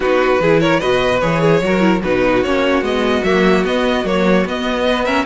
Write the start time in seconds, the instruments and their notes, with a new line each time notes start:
0.00 cello B3, viola D#4, violin F#4 B4
0.39 cello E3, viola E4, violin G#4
0.60 violin A#4 C#5
0.79 cello B2, viola F#4, violin B4 D#5
1.20 cello E3, viola G#4, violin C#5
1.41 violin G#4
1.61 cello F#3, viola F#4, violin A#4
1.80 viola E4
2.02 cello B2, viola D#4, violin F#4 B4
2.43 cello A#3, viola C#4, violin C#5
2.81 cello G#3, viola B3, violin D#5
3.23 cello F#3, viola A#3, violin E5
3.64 viola B3, cello B3, violin D#5
4.04 cello F#3, viola A#3, violin C#5
4.45 cello B3, viola B3, violin D#5
4.87 violin B4
5.04 viola C#4, violin A#4 E5